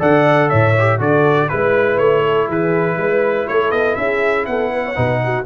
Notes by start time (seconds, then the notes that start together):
0.00 D3 A4 D5 F#5
0.49 A2 C#5 E5
0.78 G4
1.00 D3 F#4 A4 D5
1.49 G#3 E4 B4
1.99 A3 C#5
2.24 A4
2.48 E3 G#4 B4
2.98 G#3 B4
3.48 A3 A4 C#5
3.72 B3 D#5
3.96 C#4 G#4 E5
4.46 B3 A4 F#5
4.72 B4
4.85 C#5
4.95 B2 D#4 B4
5.24 F#4